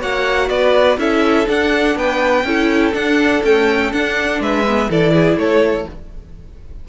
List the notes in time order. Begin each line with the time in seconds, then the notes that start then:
0.00 A#3 F#4 C#5 F#5
0.49 B3 B4 D5
0.98 C#4 E4 A4 E5
1.46 D4 F#5
1.96 B3 B4 G5
2.44 C#4 E4 A4
2.93 D4 F#5
3.44 A3 C#4 G5
3.92 D4 F#5
4.40 G#3 B4 E5
4.67 B3
4.90 E3 E4 A4 D5
5.14 G#4
5.36 A3 A4 C#5